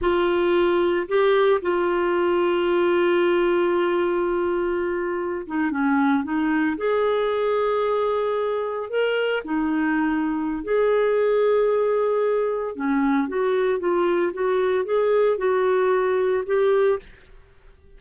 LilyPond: \new Staff \with { instrumentName = "clarinet" } { \time 4/4 \tempo 4 = 113 f'2 g'4 f'4~ | f'1~ | f'2~ f'16 dis'8 cis'4 dis'16~ | dis'8. gis'2.~ gis'16~ |
gis'8. ais'4 dis'2~ dis'16 | gis'1 | cis'4 fis'4 f'4 fis'4 | gis'4 fis'2 g'4 | }